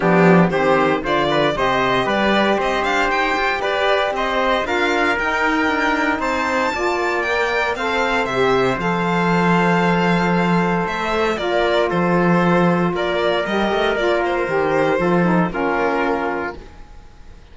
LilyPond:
<<
  \new Staff \with { instrumentName = "violin" } { \time 4/4 \tempo 4 = 116 g'4 c''4 d''4 dis''4 | d''4 dis''8 f''8 g''4 d''4 | dis''4 f''4 g''2 | a''2 g''4 f''4 |
e''4 f''2.~ | f''4 e''4 d''4 c''4~ | c''4 d''4 dis''4 d''8 c''8~ | c''2 ais'2 | }
  \new Staff \with { instrumentName = "trumpet" } { \time 4/4 d'4 g'4 c''8 b'8 c''4 | b'4 c''2 b'4 | c''4 ais'2. | c''4 d''2 c''4~ |
c''1~ | c''2 ais'4 a'4~ | a'4 ais'2.~ | ais'4 a'4 f'2 | }
  \new Staff \with { instrumentName = "saxophone" } { \time 4/4 b4 c'4 f'4 g'4~ | g'1~ | g'4 f'4 dis'2~ | dis'4 f'4 ais'4 a'4 |
g'4 a'2.~ | a'2 f'2~ | f'2 g'4 f'4 | g'4 f'8 dis'8 cis'2 | }
  \new Staff \with { instrumentName = "cello" } { \time 4/4 f4 dis4 d4 c4 | g4 c'8 d'8 dis'8 f'8 g'4 | c'4 d'4 dis'4 d'4 | c'4 ais2 c'4 |
c4 f2.~ | f4 a4 ais4 f4~ | f4 ais4 g8 a8 ais4 | dis4 f4 ais2 | }
>>